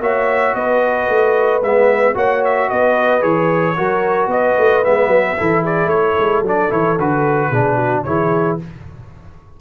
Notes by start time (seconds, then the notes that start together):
0.00 A#3 F#4 C#5 E5
0.55 B3 B4 D#5
1.09 A3
1.61 G#3 B3 E5
2.14 A#3 F#4 C#5 F#5
2.45 E5
2.70 B3 B4 D#5
3.21 E3 G#4 C#5
3.77 F#3 F#4 A#4
4.27 B3 D#5
4.34 B4
4.58 A3
4.84 G#3 B3 E5
5.07 F#3
5.38 E3 E4 A4
5.64 G#4 D5
5.86 A3 A4 C#5
6.19 G#3
6.42 F#3 D4
6.48 D5
6.70 E3 E4 C#5
6.99 D3 F#4 B4
7.50 B2 D4 G#4
7.76 F#4
8.04 E3 E4 G#4 C#5